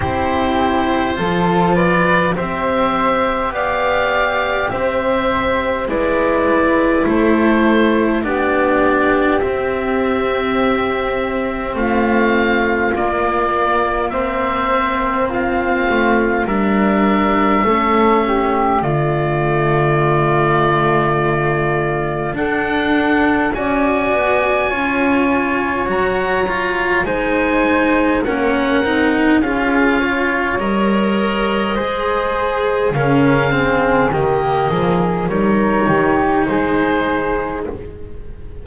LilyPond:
<<
  \new Staff \with { instrumentName = "oboe" } { \time 4/4 \tempo 4 = 51 c''4. d''8 e''4 f''4 | e''4 d''4 c''4 d''4 | e''2 f''4 d''4 | e''4 f''4 e''2 |
d''2. fis''4 | gis''2 ais''4 gis''4 | fis''4 f''4 dis''2 | f''4 dis''4 cis''4 c''4 | }
  \new Staff \with { instrumentName = "flute" } { \time 4/4 g'4 a'8 b'8 c''4 d''4 | c''4 b'4 a'4 g'4~ | g'2 f'2 | c''4 f'4 ais'4 a'8 g'8 |
f'2. a'4 | d''4 cis''2 c''4 | ais'4 gis'8 cis''4. c''4 | ais'8 gis'8 g'8 gis'8 ais'8 g'8 gis'4 | }
  \new Staff \with { instrumentName = "cello" } { \time 4/4 e'4 f'4 g'2~ | g'4 e'2 d'4 | c'2. ais4 | c'2 d'4 cis'4 |
a2. d'4 | fis'4 f'4 fis'8 f'8 dis'4 | cis'8 dis'8 f'4 ais'4 gis'4 | cis'8 c'8 ais4 dis'2 | }
  \new Staff \with { instrumentName = "double bass" } { \time 4/4 c'4 f4 c'4 b4 | c'4 gis4 a4 b4 | c'2 a4 ais4~ | ais4. a8 g4 a4 |
d2. d'4 | cis'8 b8 cis'4 fis4 gis4 | ais8 c'8 cis'4 g4 gis4 | cis4 dis8 f8 g8 dis8 gis4 | }
>>